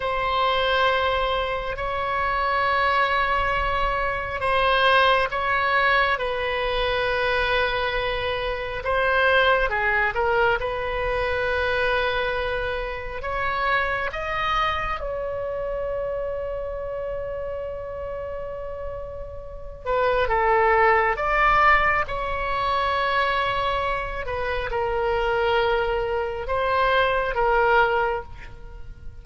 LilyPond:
\new Staff \with { instrumentName = "oboe" } { \time 4/4 \tempo 4 = 68 c''2 cis''2~ | cis''4 c''4 cis''4 b'4~ | b'2 c''4 gis'8 ais'8 | b'2. cis''4 |
dis''4 cis''2.~ | cis''2~ cis''8 b'8 a'4 | d''4 cis''2~ cis''8 b'8 | ais'2 c''4 ais'4 | }